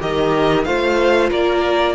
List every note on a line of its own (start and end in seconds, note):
0.00 0.65 D#3
0.00 0.65 G4
0.00 0.66 A#4
0.00 0.64 D#5
0.64 1.31 A3
0.64 1.94 F4
0.64 1.30 C5
0.64 1.29 F5
1.30 1.94 A#3
1.30 1.94 A#4
1.30 1.94 D5